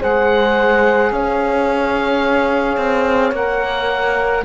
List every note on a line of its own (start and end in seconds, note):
0.00 1.12 G#3
0.00 3.33 G#4
0.00 1.11 C5
0.00 1.13 F#5
1.12 2.77 C#4
1.12 4.45 C#5
1.12 3.35 F5
2.77 3.32 C4
3.32 4.43 A#3
3.32 4.45 A#4
3.32 4.45 F#5